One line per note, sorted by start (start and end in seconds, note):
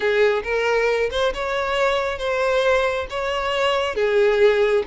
0.00 0.43 G#4
0.43 1.09 A#4
1.10 1.33 C5
1.34 2.18 C#5
2.18 3.06 C5
3.10 3.95 C#5
3.95 4.83 G#4